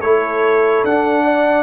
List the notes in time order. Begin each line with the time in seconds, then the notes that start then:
0.00 A3 E4 A4 C#5
0.84 D4 F#5
1.24 D5